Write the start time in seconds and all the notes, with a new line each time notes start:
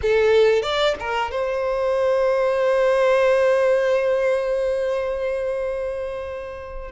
0.02 A4
0.62 D5
0.99 A#4
1.31 C5